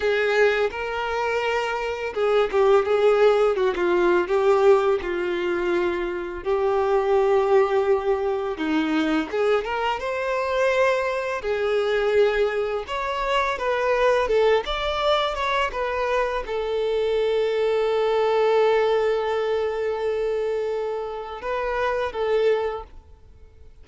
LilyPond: \new Staff \with { instrumentName = "violin" } { \time 4/4 \tempo 4 = 84 gis'4 ais'2 gis'8 g'8 | gis'4 fis'16 f'8. g'4 f'4~ | f'4 g'2. | dis'4 gis'8 ais'8 c''2 |
gis'2 cis''4 b'4 | a'8 d''4 cis''8 b'4 a'4~ | a'1~ | a'2 b'4 a'4 | }